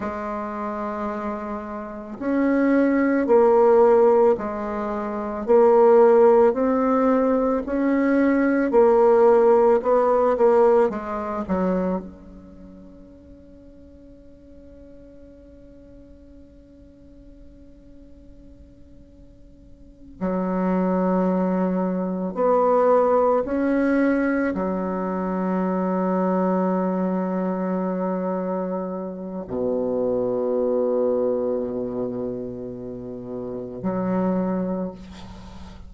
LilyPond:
\new Staff \with { instrumentName = "bassoon" } { \time 4/4 \tempo 4 = 55 gis2 cis'4 ais4 | gis4 ais4 c'4 cis'4 | ais4 b8 ais8 gis8 fis8 cis'4~ | cis'1~ |
cis'2~ cis'8 fis4.~ | fis8 b4 cis'4 fis4.~ | fis2. b,4~ | b,2. fis4 | }